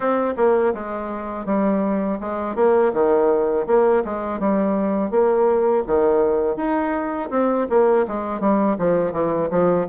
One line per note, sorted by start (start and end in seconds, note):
0.00 0.34 C4
0.37 0.73 A#3
0.74 1.45 G#3
1.45 2.19 G3
2.20 2.55 G#3
2.55 2.92 A#3
2.93 3.66 D#3
3.66 4.03 A#3
4.04 4.39 G#3
4.39 5.10 G3
5.10 5.83 A#3
5.87 6.56 D#3
6.56 7.29 D#4
7.30 7.67 C4
7.69 8.06 A#3
8.07 8.40 G#3
8.40 8.76 G3
8.78 9.12 F3
9.12 9.49 E3
9.50 9.86 F3